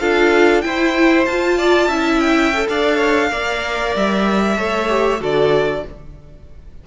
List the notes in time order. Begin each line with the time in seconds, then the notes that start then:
0.00 D4 F4 A4 F5
0.62 E4 C5 G5
1.26 F4 A5
1.58 D5
1.88 C#4 E4 E5
2.20 G5
2.54 A4
2.69 D4 D5 F5
2.96 C#5
3.30 A#3 A#4 D5
3.96 G3 E5
4.57 A3 A4 C#5
4.89 G4
5.20 D3 F#4 A4 D5